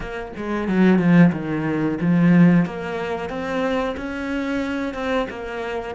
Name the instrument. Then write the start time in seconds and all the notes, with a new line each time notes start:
cello
0.00 A#3
0.36 G#3
0.67 F#3
0.98 F3
1.32 D#3
2.00 F3
2.65 A#3
3.29 C4
3.97 C#4
4.94 C4
5.29 A#3